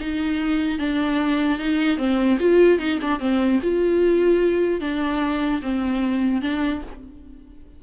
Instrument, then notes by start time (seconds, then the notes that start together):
viola
0.00 D#4
0.79 D4
1.59 D#4
1.98 C4
2.40 F4
2.79 D#4
3.02 D4
3.20 C4
3.62 F4
4.81 D4
5.62 C4
6.42 D4